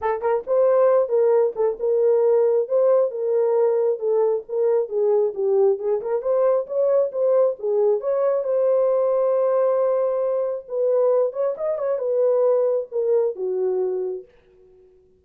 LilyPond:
\new Staff \with { instrumentName = "horn" } { \time 4/4 \tempo 4 = 135 a'8 ais'8 c''4. ais'4 a'8 | ais'2 c''4 ais'4~ | ais'4 a'4 ais'4 gis'4 | g'4 gis'8 ais'8 c''4 cis''4 |
c''4 gis'4 cis''4 c''4~ | c''1 | b'4. cis''8 dis''8 cis''8 b'4~ | b'4 ais'4 fis'2 | }